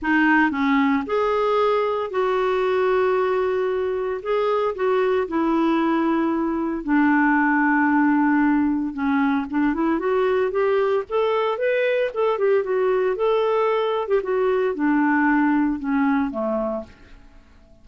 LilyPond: \new Staff \with { instrumentName = "clarinet" } { \time 4/4 \tempo 4 = 114 dis'4 cis'4 gis'2 | fis'1 | gis'4 fis'4 e'2~ | e'4 d'2.~ |
d'4 cis'4 d'8 e'8 fis'4 | g'4 a'4 b'4 a'8 g'8 | fis'4 a'4.~ a'16 g'16 fis'4 | d'2 cis'4 a4 | }